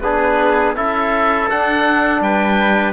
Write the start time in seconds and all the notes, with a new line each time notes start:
0.00 B3 D4 G#4 B4
0.75 C#4 E4 A4 E5
1.49 D4 F#5
2.20 G3 B4 G5